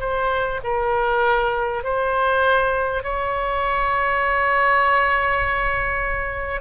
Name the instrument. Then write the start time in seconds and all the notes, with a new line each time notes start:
oboe
0.00 C5
0.63 A#4
1.83 C5
3.03 C#5